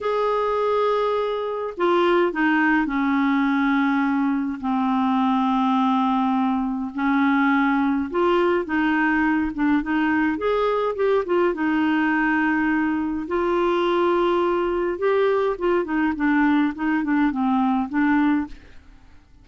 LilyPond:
\new Staff \with { instrumentName = "clarinet" } { \time 4/4 \tempo 4 = 104 gis'2. f'4 | dis'4 cis'2. | c'1 | cis'2 f'4 dis'4~ |
dis'8 d'8 dis'4 gis'4 g'8 f'8 | dis'2. f'4~ | f'2 g'4 f'8 dis'8 | d'4 dis'8 d'8 c'4 d'4 | }